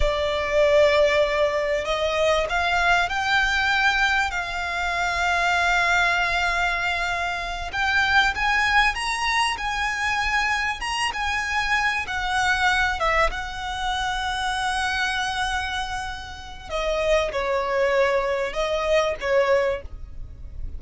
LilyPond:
\new Staff \with { instrumentName = "violin" } { \time 4/4 \tempo 4 = 97 d''2. dis''4 | f''4 g''2 f''4~ | f''1~ | f''8 g''4 gis''4 ais''4 gis''8~ |
gis''4. ais''8 gis''4. fis''8~ | fis''4 e''8 fis''2~ fis''8~ | fis''2. dis''4 | cis''2 dis''4 cis''4 | }